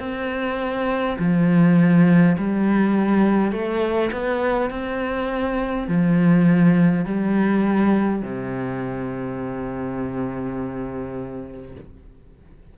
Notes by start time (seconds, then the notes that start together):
0.00 C4
1.19 F3
2.38 G3
3.52 A3
4.13 B3
4.71 C4
5.88 F3
7.06 G3
8.22 C3